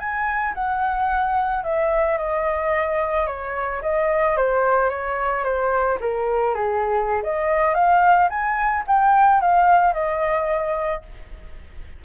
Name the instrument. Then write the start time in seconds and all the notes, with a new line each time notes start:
flute
0.00 G#5
0.55 F#5
1.64 E5
2.18 D#5
3.27 C#5
3.83 D#5
4.37 C5
4.90 C#5
5.44 C5
6.01 A#4
6.55 G#4
7.24 D#5
7.75 F5
8.30 G#5
8.88 G5
9.41 F5
9.94 D#5